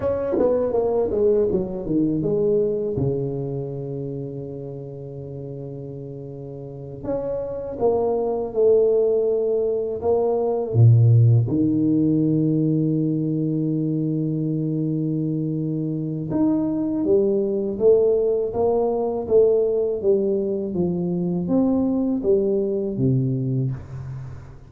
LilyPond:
\new Staff \with { instrumentName = "tuba" } { \time 4/4 \tempo 4 = 81 cis'8 b8 ais8 gis8 fis8 dis8 gis4 | cis1~ | cis4. cis'4 ais4 a8~ | a4. ais4 ais,4 dis8~ |
dis1~ | dis2 dis'4 g4 | a4 ais4 a4 g4 | f4 c'4 g4 c4 | }